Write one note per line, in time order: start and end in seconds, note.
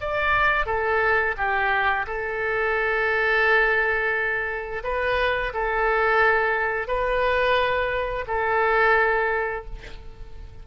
0.00 0.66 D5
0.66 1.35 A4
1.37 2.06 G4
2.06 4.82 A4
4.83 5.52 B4
5.53 6.87 A4
6.87 8.25 B4
8.27 9.65 A4